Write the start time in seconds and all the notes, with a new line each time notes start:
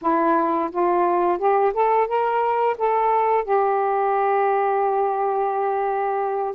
0.01 E4
0.71 F4
1.38 G4
1.73 A4
2.07 A#4
2.77 A4
3.44 G4